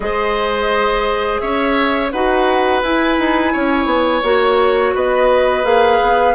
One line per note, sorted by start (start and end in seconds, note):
0.00 1.40 G#3
0.00 2.10 G#4
0.00 1.41 C5
0.00 1.39 D#5
1.39 2.12 C#4
1.39 2.12 C#5
1.39 2.10 E5
2.11 2.82 D#4
2.11 2.82 F#4
2.11 3.52 B4
2.11 2.82 F#5
2.82 3.17 E4
2.82 4.23 E4
2.82 4.24 G#5
3.18 3.53 D#4
3.52 3.85 C#4
3.52 4.94 C#5
3.85 4.21 B3
4.23 4.94 A#3
4.23 5.63 F#4
4.23 4.94 C#5
4.94 5.64 B3
4.94 6.35 B4
4.94 5.65 D#5
5.63 5.99 A#3
5.63 6.34 G#4
5.63 6.35 F5
6.01 6.35 B3